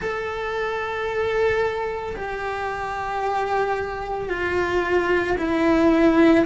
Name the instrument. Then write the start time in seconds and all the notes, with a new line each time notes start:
cello
0.01 A4
2.16 G4
4.29 F4
5.38 E4